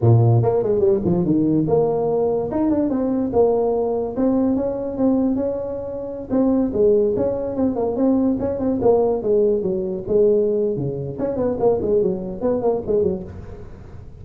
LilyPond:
\new Staff \with { instrumentName = "tuba" } { \time 4/4 \tempo 4 = 145 ais,4 ais8 gis8 g8 f8 dis4 | ais2 dis'8 d'8 c'4 | ais2 c'4 cis'4 | c'4 cis'2~ cis'16 c'8.~ |
c'16 gis4 cis'4 c'8 ais8 c'8.~ | c'16 cis'8 c'8 ais4 gis4 fis8.~ | fis16 gis4.~ gis16 cis4 cis'8 b8 | ais8 gis8 fis4 b8 ais8 gis8 fis8 | }